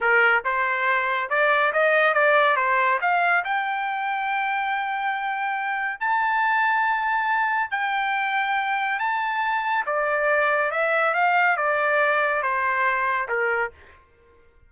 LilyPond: \new Staff \with { instrumentName = "trumpet" } { \time 4/4 \tempo 4 = 140 ais'4 c''2 d''4 | dis''4 d''4 c''4 f''4 | g''1~ | g''2 a''2~ |
a''2 g''2~ | g''4 a''2 d''4~ | d''4 e''4 f''4 d''4~ | d''4 c''2 ais'4 | }